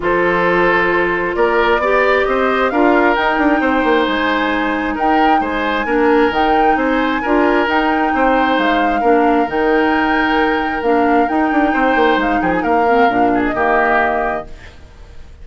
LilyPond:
<<
  \new Staff \with { instrumentName = "flute" } { \time 4/4 \tempo 4 = 133 c''2. d''4~ | d''4 dis''4 f''4 g''4~ | g''4 gis''2 g''4 | gis''2 g''4 gis''4~ |
gis''4 g''2 f''4~ | f''4 g''2. | f''4 g''2 f''8 g''16 gis''16 | f''4.~ f''16 dis''2~ dis''16 | }
  \new Staff \with { instrumentName = "oboe" } { \time 4/4 a'2. ais'4 | d''4 c''4 ais'2 | c''2. ais'4 | c''4 ais'2 c''4 |
ais'2 c''2 | ais'1~ | ais'2 c''4. gis'8 | ais'4. gis'8 g'2 | }
  \new Staff \with { instrumentName = "clarinet" } { \time 4/4 f'1 | g'2 f'4 dis'4~ | dis'1~ | dis'4 d'4 dis'2 |
f'4 dis'2. | d'4 dis'2. | d'4 dis'2.~ | dis'8 c'8 d'4 ais2 | }
  \new Staff \with { instrumentName = "bassoon" } { \time 4/4 f2. ais4 | b4 c'4 d'4 dis'8 d'8 | c'8 ais8 gis2 dis'4 | gis4 ais4 dis4 c'4 |
d'4 dis'4 c'4 gis4 | ais4 dis2. | ais4 dis'8 d'8 c'8 ais8 gis8 f8 | ais4 ais,4 dis2 | }
>>